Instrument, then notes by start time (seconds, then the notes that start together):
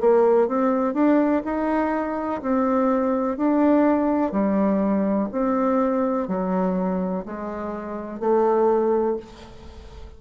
bassoon
0.00 A#3
0.48 C4
0.94 D4
1.45 D#4
2.42 C4
3.37 D4
4.32 G3
5.31 C4
6.28 F#3
7.25 G#3
8.20 A3